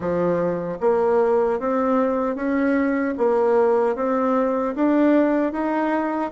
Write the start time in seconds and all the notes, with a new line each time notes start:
0.00 F3
0.80 A#3
1.59 C4
2.35 C#4
3.17 A#3
3.95 C4
4.75 D4
5.52 D#4